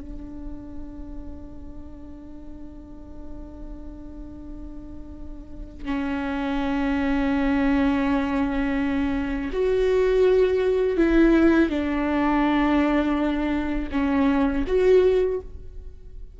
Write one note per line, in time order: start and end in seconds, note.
0.00 5.85 D4
5.85 9.51 C#4
9.53 10.97 F#4
10.97 11.69 E4
11.69 13.89 D4
13.91 14.64 C#4
14.67 15.40 F#4